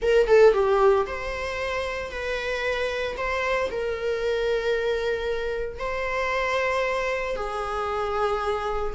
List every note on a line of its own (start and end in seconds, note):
0.01 0.27 A#4
0.27 0.53 A4
0.53 1.06 G4
1.06 2.11 C5
2.11 3.16 B4
3.17 3.69 C5
3.70 5.79 A#4
5.79 7.35 C5
7.35 8.93 G#4